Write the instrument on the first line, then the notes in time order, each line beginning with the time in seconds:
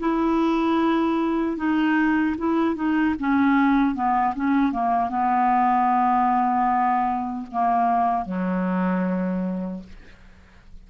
clarinet
0.00 E4
1.57 D#4
2.38 E4
2.76 D#4
3.20 C#4
3.95 B3
4.36 C#4
4.73 A#3
5.10 B3
7.52 A#3
8.26 F#3